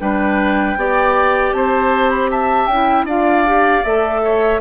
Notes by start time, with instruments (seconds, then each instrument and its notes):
0.00 bassoon G3, clarinet D4, oboe B4, flute G5
0.76 bassoon B3, clarinet G4, oboe D5
1.52 bassoon C4, oboe C5, flute A5
2.10 flute B5
2.30 oboe E5, flute A5
2.67 bassoon C#4, clarinet E4, flute G5
3.04 bassoon D4, clarinet F4, oboe D5, flute F5
3.46 clarinet G4
3.84 bassoon A3, clarinet A4, flute E5
4.24 oboe C#5